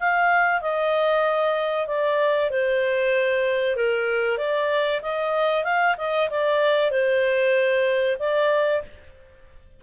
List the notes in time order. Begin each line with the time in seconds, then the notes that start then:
0.00 F5
0.61 D#5
1.87 D5
2.50 C5
3.76 A#4
4.38 D5
5.02 D#5
5.64 F5
5.98 D#5
6.30 D5
6.91 C5
8.19 D5